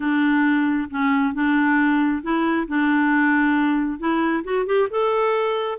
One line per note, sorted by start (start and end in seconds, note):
0.00 0.89 D4
0.90 1.34 C#4
1.34 2.22 D4
2.22 2.67 E4
2.67 3.99 D4
3.99 4.43 E4
4.44 4.66 F#4
4.66 4.88 G4
4.90 5.78 A4